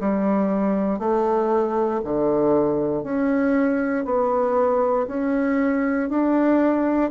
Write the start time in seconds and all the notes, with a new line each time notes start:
0.00 G3
0.98 A3
2.04 D3
3.03 C#4
4.04 B3
5.08 C#4
6.09 D4